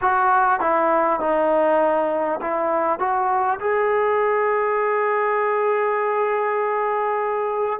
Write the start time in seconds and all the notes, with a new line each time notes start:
0.01 F#4
0.59 E4
1.19 D#4
2.41 E4
2.99 F#4
3.59 G#4